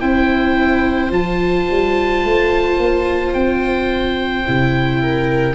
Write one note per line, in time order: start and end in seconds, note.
0.00 1.10 C4
0.00 1.10 E4
0.00 5.01 C5
0.00 1.12 G5
1.10 1.66 F3
1.10 4.44 F4
1.10 3.34 A5
1.70 2.24 G3
2.24 2.77 A3
2.77 3.33 A#3
3.34 4.46 C4
3.34 5.55 G5
4.46 5.55 C3
4.46 5.55 E4
5.02 5.55 A#4